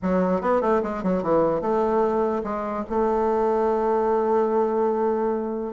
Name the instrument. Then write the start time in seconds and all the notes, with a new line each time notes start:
bassoon
0.02 F#3
0.41 B3
0.61 A3
0.83 G#3
1.03 F#3
1.22 E3
1.61 A3
2.43 G#3
2.89 A3